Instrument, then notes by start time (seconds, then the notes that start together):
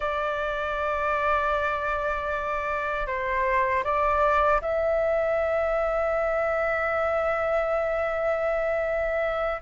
flute
0.00 D5
3.06 C5
3.84 D5
4.61 E5